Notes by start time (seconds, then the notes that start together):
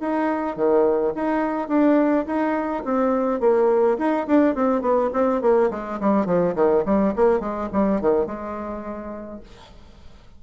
0.00 D#4
0.56 D#3
1.15 D#4
1.68 D4
2.26 D#4
2.84 C4
3.40 A#3
3.98 D#4
4.27 D4
4.55 C4
4.81 B3
5.13 C4
5.41 A#3
5.70 G#3
6.00 G3
6.26 F3
6.55 D#3
6.85 G3
7.16 A#3
7.40 G#3
7.72 G3
8.01 D#3
8.26 G#3